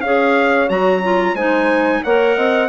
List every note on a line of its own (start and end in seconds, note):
0.00 0.70 C#4
0.00 0.69 G#4
0.00 1.35 C#5
0.00 0.69 F5
0.69 1.34 F#3
0.69 1.02 F#4
0.69 1.36 A#5
1.03 1.37 F4
1.34 2.02 G#3
1.34 2.05 D#4
1.34 2.02 C5
1.34 2.03 G#5
2.04 2.37 A#3
2.04 2.69 A#4
2.04 2.36 C#5
2.04 2.69 F#5
2.36 2.69 C4
2.36 2.69 D#5